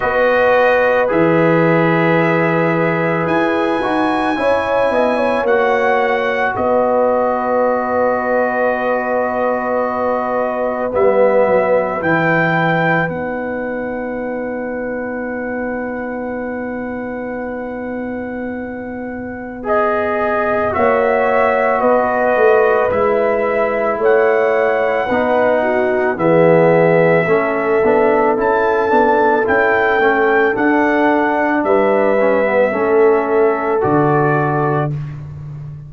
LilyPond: <<
  \new Staff \with { instrumentName = "trumpet" } { \time 4/4 \tempo 4 = 55 dis''4 e''2 gis''4~ | gis''4 fis''4 dis''2~ | dis''2 e''4 g''4 | fis''1~ |
fis''2 dis''4 e''4 | dis''4 e''4 fis''2 | e''2 a''4 g''4 | fis''4 e''2 d''4 | }
  \new Staff \with { instrumentName = "horn" } { \time 4/4 b'1 | cis''8 dis''16 cis''4~ cis''16 b'2~ | b'1~ | b'1~ |
b'2. cis''4 | b'2 cis''4 b'8 fis'8 | gis'4 a'2.~ | a'4 b'4 a'2 | }
  \new Staff \with { instrumentName = "trombone" } { \time 4/4 fis'4 gis'2~ gis'8 fis'8 | e'4 fis'2.~ | fis'2 b4 e'4 | dis'1~ |
dis'2 gis'4 fis'4~ | fis'4 e'2 dis'4 | b4 cis'8 d'8 e'8 d'8 e'8 cis'8 | d'4. cis'16 b16 cis'4 fis'4 | }
  \new Staff \with { instrumentName = "tuba" } { \time 4/4 b4 e2 e'8 dis'8 | cis'8 b8 ais4 b2~ | b2 g8 fis8 e4 | b1~ |
b2. ais4 | b8 a8 gis4 a4 b4 | e4 a8 b8 cis'8 b8 cis'8 a8 | d'4 g4 a4 d4 | }
>>